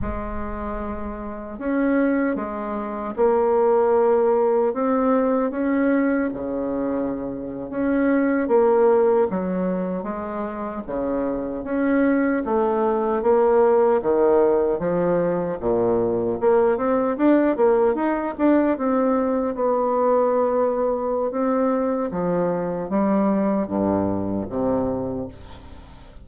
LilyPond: \new Staff \with { instrumentName = "bassoon" } { \time 4/4 \tempo 4 = 76 gis2 cis'4 gis4 | ais2 c'4 cis'4 | cis4.~ cis16 cis'4 ais4 fis16~ | fis8. gis4 cis4 cis'4 a16~ |
a8. ais4 dis4 f4 ais,16~ | ais,8. ais8 c'8 d'8 ais8 dis'8 d'8 c'16~ | c'8. b2~ b16 c'4 | f4 g4 g,4 c4 | }